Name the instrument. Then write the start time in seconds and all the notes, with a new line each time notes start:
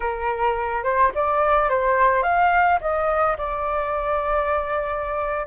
flute
0.00 A#4
0.83 C5
1.14 D5
1.69 C5
2.23 F5
2.80 D#5
3.37 D5